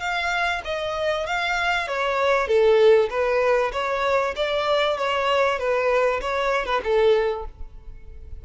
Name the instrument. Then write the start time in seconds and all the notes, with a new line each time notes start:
violin
0.00 F5
0.65 D#5
1.27 F5
1.88 C#5
2.48 A4
3.10 B4
3.73 C#5
4.36 D5
4.98 C#5
5.59 B4
6.21 C#5
6.66 B4
6.84 A4